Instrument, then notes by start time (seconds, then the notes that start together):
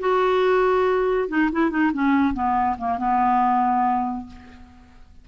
clarinet
0.00 F#4
1.29 D#4
1.52 E4
1.70 D#4
1.93 C#4
2.34 B3
2.78 A#3
2.98 B3